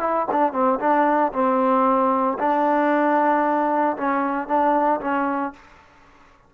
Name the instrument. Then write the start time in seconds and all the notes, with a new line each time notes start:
trombone
0.00 E4
0.32 D4
0.53 C4
0.80 D4
1.33 C4
2.39 D4
3.97 C#4
4.48 D4
5.01 C#4